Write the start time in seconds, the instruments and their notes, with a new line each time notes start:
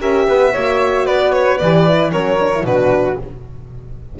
0.00 double bass C#4, horn G4, flute A#4, violin E5
0.29 double bass B3, flute B4
0.53 double bass A#3, horn F#4, flute C#5
1.06 double bass B3, flute B4, violin D5
1.33 violin C#5
1.58 double bass E3, horn G4, violin D5
1.89 horn E4
2.12 double bass F#3, horn C#4, flute A#4, violin C#5
2.40 horn D4
2.55 horn E4
2.64 double bass B2, horn D4, flute F#4, violin B4